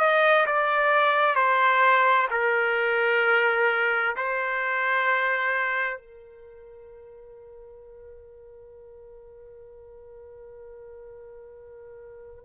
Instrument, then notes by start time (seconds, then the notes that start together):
trumpet
0.00 D#5
0.47 D5
1.36 C5
2.31 A#4
4.17 C5
5.98 A#4